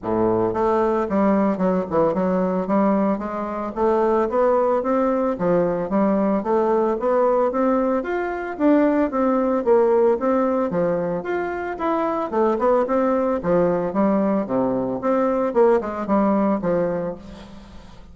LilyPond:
\new Staff \with { instrumentName = "bassoon" } { \time 4/4 \tempo 4 = 112 a,4 a4 g4 fis8 e8 | fis4 g4 gis4 a4 | b4 c'4 f4 g4 | a4 b4 c'4 f'4 |
d'4 c'4 ais4 c'4 | f4 f'4 e'4 a8 b8 | c'4 f4 g4 c4 | c'4 ais8 gis8 g4 f4 | }